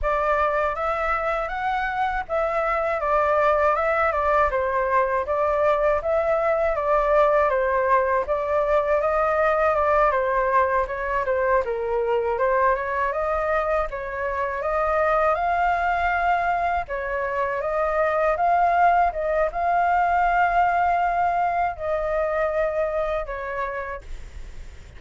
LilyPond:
\new Staff \with { instrumentName = "flute" } { \time 4/4 \tempo 4 = 80 d''4 e''4 fis''4 e''4 | d''4 e''8 d''8 c''4 d''4 | e''4 d''4 c''4 d''4 | dis''4 d''8 c''4 cis''8 c''8 ais'8~ |
ais'8 c''8 cis''8 dis''4 cis''4 dis''8~ | dis''8 f''2 cis''4 dis''8~ | dis''8 f''4 dis''8 f''2~ | f''4 dis''2 cis''4 | }